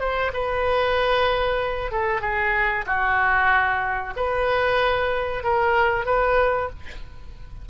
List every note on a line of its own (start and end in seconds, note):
0.00 0.32 C5
0.34 1.91 B4
1.91 2.21 A4
2.21 2.85 G#4
2.87 4.14 F#4
4.17 5.44 B4
5.44 6.06 A#4
6.06 6.70 B4